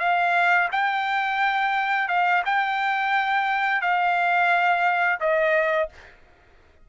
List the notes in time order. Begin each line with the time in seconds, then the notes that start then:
0.00 F5
0.72 G5
2.09 F5
2.46 G5
3.82 F5
5.21 D#5